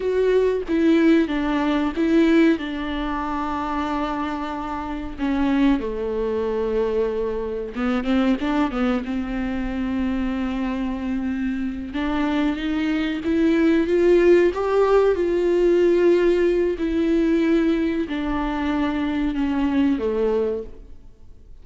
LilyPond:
\new Staff \with { instrumentName = "viola" } { \time 4/4 \tempo 4 = 93 fis'4 e'4 d'4 e'4 | d'1 | cis'4 a2. | b8 c'8 d'8 b8 c'2~ |
c'2~ c'8 d'4 dis'8~ | dis'8 e'4 f'4 g'4 f'8~ | f'2 e'2 | d'2 cis'4 a4 | }